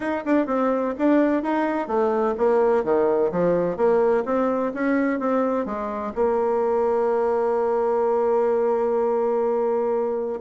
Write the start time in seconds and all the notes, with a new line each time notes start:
0.00 D#4
0.25 D4
0.46 C4
0.98 D4
1.42 D#4
1.87 A3
2.37 A#3
2.84 D#3
3.31 F3
3.76 A#3
4.25 C4
4.74 C#4
5.19 C4
5.65 G#3
6.15 A#3